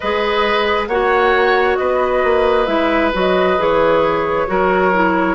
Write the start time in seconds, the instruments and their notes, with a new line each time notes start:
0.00 bassoon G#3, clarinet G#4, oboe B4, flute D#5
0.87 bassoon A#3, clarinet F#4, oboe C#5, flute F#5
1.76 bassoon B3, oboe B4, flute D#5
2.23 bassoon A#3
2.66 bassoon G#3, clarinet E4, flute E5
3.13 bassoon F#3, clarinet F#4, flute D#5
3.58 bassoon E3, clarinet G#4, flute C#5
4.47 bassoon F#3, clarinet F#4, oboe A#4
4.94 clarinet E4